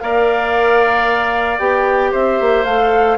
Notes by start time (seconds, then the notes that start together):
0.00 A#3 A#4 D5 F5
1.59 B3 G4 G5
2.11 C4 C5 E5
2.40 A#3
2.65 A3 A4 F5